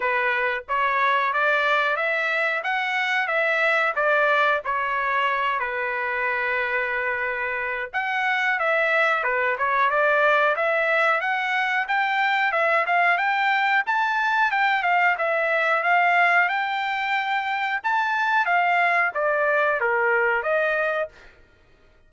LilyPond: \new Staff \with { instrumentName = "trumpet" } { \time 4/4 \tempo 4 = 91 b'4 cis''4 d''4 e''4 | fis''4 e''4 d''4 cis''4~ | cis''8 b'2.~ b'8 | fis''4 e''4 b'8 cis''8 d''4 |
e''4 fis''4 g''4 e''8 f''8 | g''4 a''4 g''8 f''8 e''4 | f''4 g''2 a''4 | f''4 d''4 ais'4 dis''4 | }